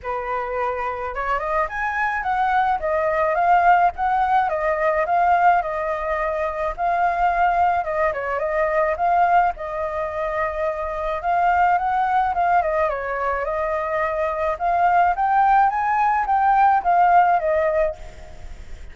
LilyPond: \new Staff \with { instrumentName = "flute" } { \time 4/4 \tempo 4 = 107 b'2 cis''8 dis''8 gis''4 | fis''4 dis''4 f''4 fis''4 | dis''4 f''4 dis''2 | f''2 dis''8 cis''8 dis''4 |
f''4 dis''2. | f''4 fis''4 f''8 dis''8 cis''4 | dis''2 f''4 g''4 | gis''4 g''4 f''4 dis''4 | }